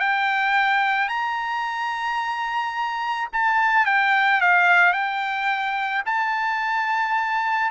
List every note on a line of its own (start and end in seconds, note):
0.00 1.09 G5
1.09 3.29 A#5
3.33 3.86 A5
3.86 4.41 G5
4.41 4.93 F5
4.93 6.03 G5
6.06 7.71 A5